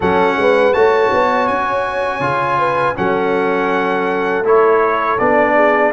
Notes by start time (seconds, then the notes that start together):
0.00 F#3 C#4 A4 F#5
0.36 G#3 B4
0.73 A3 F#4 C#5 A5
1.13 B3
1.47 C#4 G#5
2.20 C#3 F4
2.58 B4
2.95 F#3 C#4 A4 F#5
4.43 A3 E4 C#5
5.19 B3 D4 D5
5.55 G#4